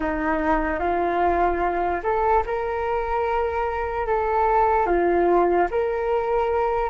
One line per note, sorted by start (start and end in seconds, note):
0.00 0.79 D#4
0.79 2.00 F4
2.03 2.43 A4
2.45 4.07 A#4
4.07 4.86 A4
4.86 5.67 F4
5.71 6.89 A#4